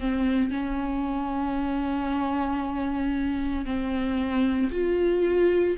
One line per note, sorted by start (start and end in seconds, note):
0.00 0.51 C4
0.51 3.66 C#4
3.66 4.71 C4
4.72 5.78 F4